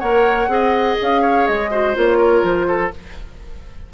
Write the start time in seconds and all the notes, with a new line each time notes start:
0.00 A#3 A#4 C#5 F#5
0.48 C4 G#4 D#5
1.02 C#4 F5
1.22 C#5
1.47 G#3 D#5
1.71 F#4 C5
1.95 A#3 F4 C#5
2.18 A#4
2.44 F3 C5
2.68 A4